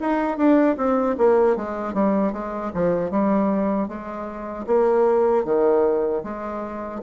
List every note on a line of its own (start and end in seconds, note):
0.00 0.37 D#4
0.37 0.76 D4
0.77 1.15 C4
1.18 1.56 A#3
1.56 1.93 G#3
1.93 2.32 G3
2.32 2.71 G#3
2.73 3.10 F3
3.10 3.88 G3
3.88 4.66 G#3
4.66 5.44 A#3
5.44 6.22 D#3
6.23 7.01 G#3